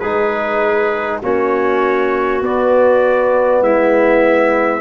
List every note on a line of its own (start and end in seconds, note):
0.00 1.22 G#3
0.00 1.23 D#4
0.00 1.21 G#4
0.00 1.20 B4
1.22 2.42 A#3
1.22 2.43 C#4
1.22 3.62 F#4
1.22 2.44 C#5
2.42 3.61 B3
2.42 4.81 B3
2.42 3.64 D5
3.61 4.81 G#3
3.61 4.81 E4
3.61 4.81 E5